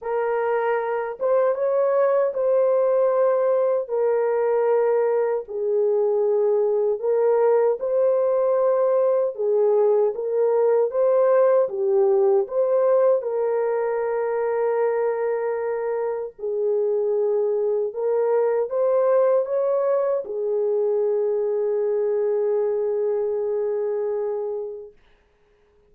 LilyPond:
\new Staff \with { instrumentName = "horn" } { \time 4/4 \tempo 4 = 77 ais'4. c''8 cis''4 c''4~ | c''4 ais'2 gis'4~ | gis'4 ais'4 c''2 | gis'4 ais'4 c''4 g'4 |
c''4 ais'2.~ | ais'4 gis'2 ais'4 | c''4 cis''4 gis'2~ | gis'1 | }